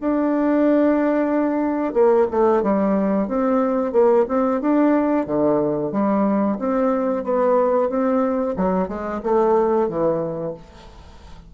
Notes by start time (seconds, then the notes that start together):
0.00 D4
1.93 A#3
2.30 A3
2.62 G3
3.27 C4
3.92 A#3
4.28 C4
4.60 D4
5.26 D3
5.91 G3
6.59 C4
7.23 B3
7.89 C4
8.56 F#3
8.88 G#3
9.22 A3
9.88 E3